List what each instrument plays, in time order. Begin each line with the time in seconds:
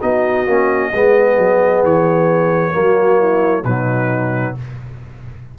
0.00 tuba B3, trombone D#4, horn F#4, trumpet D#5
0.47 tuba A#3, trombone C#4
0.92 tuba G#3, trombone B3, horn G#4
1.38 tuba F#3
1.83 tuba E3, trumpet C#5
2.72 tuba F#3, trombone A#3, horn F#4
3.18 horn E4
3.64 tuba B2, trombone F#3, horn D#4, trumpet B4